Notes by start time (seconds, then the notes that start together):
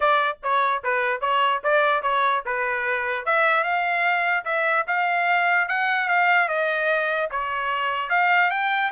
0.00 D5
0.42 C#5
0.83 B4
1.21 C#5
1.63 D5
2.02 C#5
2.45 B4
3.25 E5
3.63 F5
4.44 E5
4.87 F5
5.68 F#5
6.08 F5
6.48 D#5
7.30 C#5
8.09 F5
8.50 G5